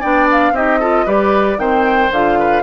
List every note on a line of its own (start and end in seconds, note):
0.00 0.51 B3
0.00 0.54 D4
0.00 0.52 D5
0.00 0.27 G5
0.31 0.55 F5
0.51 1.03 C4
0.51 0.81 D#4
0.51 0.79 G4
0.51 1.07 D#5
0.79 1.06 F4
0.79 1.05 A4
1.05 1.57 G3
1.05 1.58 G4
1.05 1.57 B4
1.05 1.59 D5
1.57 2.09 D#3
1.57 2.10 C4
1.57 2.38 C5
1.57 2.11 G5
2.11 2.62 D3
2.11 2.62 F4
2.11 2.62 F5
2.39 2.62 B4